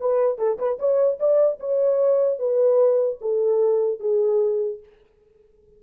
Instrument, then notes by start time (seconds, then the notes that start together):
horn
0.00 B4
0.38 A4
0.58 B4
0.79 C#5
1.19 D5
1.60 C#5
2.39 B4
3.21 A4
4.00 G#4